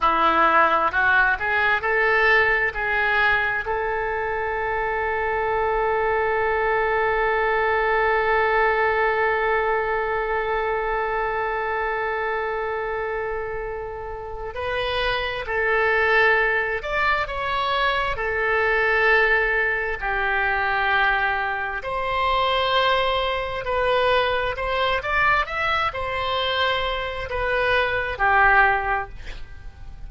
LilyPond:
\new Staff \with { instrumentName = "oboe" } { \time 4/4 \tempo 4 = 66 e'4 fis'8 gis'8 a'4 gis'4 | a'1~ | a'1~ | a'1 |
b'4 a'4. d''8 cis''4 | a'2 g'2 | c''2 b'4 c''8 d''8 | e''8 c''4. b'4 g'4 | }